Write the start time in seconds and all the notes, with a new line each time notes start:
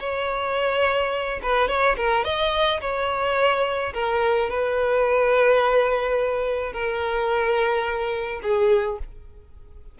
0.00 C#5
1.43 B4
1.68 C#5
1.97 A#4
2.25 D#5
2.81 C#5
3.94 A#4
4.50 B4
6.73 A#4
8.42 G#4